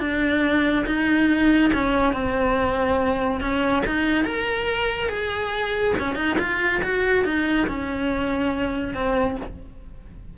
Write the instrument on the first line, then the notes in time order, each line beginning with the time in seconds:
cello
0.00 D4
0.86 D#4
1.74 C#4
2.13 C4
3.41 C#4
3.87 D#4
4.25 A#4
5.09 G#4
5.99 C#4
6.16 D#4
6.39 F4
6.83 F#4
7.25 D#4
7.68 C#4
8.94 C4